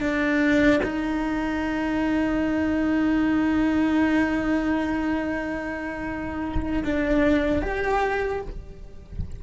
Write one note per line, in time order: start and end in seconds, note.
0.00 0.80 D4
0.83 6.83 D#4
6.84 7.62 D4
7.62 8.42 G4